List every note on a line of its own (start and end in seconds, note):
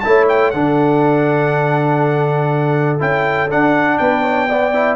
0.00 0.53 A3
0.00 0.54 E4
0.00 0.25 A5
0.07 0.55 C#5
0.28 0.51 G5
0.51 3.01 D3
0.51 2.99 D4
0.51 4.00 A4
0.51 2.99 F#5
2.99 3.49 C#4
2.99 3.49 E4
2.99 3.50 G5
3.49 3.99 D4
3.49 4.49 D4
3.49 3.98 F#5
3.98 4.96 B3
3.98 4.23 B4
3.98 4.96 G5
4.23 4.47 C#5
4.49 4.74 B3
4.49 4.96 D5
4.74 4.96 E4